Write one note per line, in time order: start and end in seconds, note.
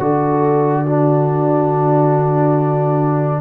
0.00 3.41 D3
0.00 0.86 F#4
0.00 0.84 A4
0.00 3.41 D5
0.84 3.41 D4
0.84 3.41 F#4